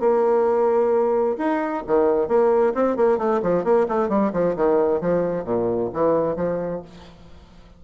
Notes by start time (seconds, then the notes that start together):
0.00 A#3
1.38 D#4
1.87 D#3
2.28 A#3
2.75 C4
2.96 A#3
3.18 A3
3.43 F3
3.64 A#3
3.89 A3
4.09 G3
4.33 F3
4.56 D#3
5.01 F3
5.45 A#2
5.93 E3
6.36 F3